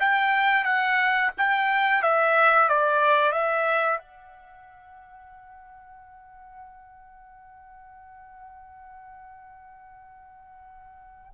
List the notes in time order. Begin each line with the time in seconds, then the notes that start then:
0.00 G5
0.65 F#5
1.38 G5
2.03 E5
2.69 D5
3.32 E5
3.98 F#5